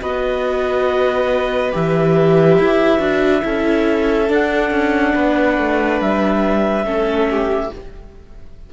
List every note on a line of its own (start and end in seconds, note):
0.00 1.72 B3
0.00 1.71 F#4
0.00 3.44 B4
0.00 1.73 D#5
1.71 2.58 E3
1.71 2.97 G4
1.71 4.31 E5
2.58 2.99 E4
2.97 3.42 D4
2.97 3.40 F#4
3.42 4.29 C#4
3.42 4.27 E4
3.42 5.14 A4
4.27 6.84 D4
4.27 4.70 D4
4.27 6.00 F#5
4.70 5.13 C#4
5.14 5.57 B3
5.14 6.85 B4
5.57 6.00 A3
6.00 6.84 G3
6.00 7.72 E5
6.84 7.69 A3
6.84 7.70 C#4
6.84 7.28 A4
7.30 7.73 G4